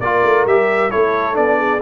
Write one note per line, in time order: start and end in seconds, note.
0.00 0.23 A#3
0.00 0.48 F4
0.00 0.91 A#4
0.00 0.45 D5
0.24 0.45 A3
0.45 0.90 G3
0.45 0.91 G4
0.45 0.91 E5
0.91 1.37 A3
0.91 1.33 E4
0.91 1.59 A4
0.91 1.36 C#5
1.33 1.81 B3
1.33 1.78 D4
1.33 1.81 D5
1.59 1.81 G#4